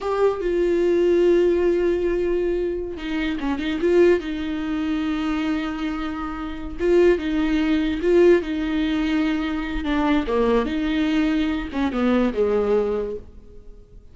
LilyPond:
\new Staff \with { instrumentName = "viola" } { \time 4/4 \tempo 4 = 146 g'4 f'2.~ | f'2.~ f'16 dis'8.~ | dis'16 cis'8 dis'8 f'4 dis'4.~ dis'16~ | dis'1~ |
dis'8 f'4 dis'2 f'8~ | f'8 dis'2.~ dis'8 | d'4 ais4 dis'2~ | dis'8 cis'8 b4 gis2 | }